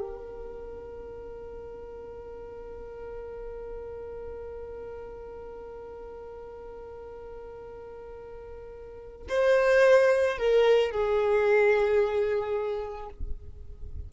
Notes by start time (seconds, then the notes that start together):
0.00 A#4
9.29 C5
10.38 A#4
10.91 G#4